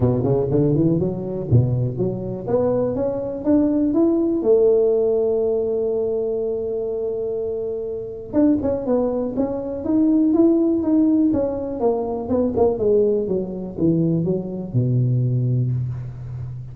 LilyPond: \new Staff \with { instrumentName = "tuba" } { \time 4/4 \tempo 4 = 122 b,8 cis8 d8 e8 fis4 b,4 | fis4 b4 cis'4 d'4 | e'4 a2.~ | a1~ |
a4 d'8 cis'8 b4 cis'4 | dis'4 e'4 dis'4 cis'4 | ais4 b8 ais8 gis4 fis4 | e4 fis4 b,2 | }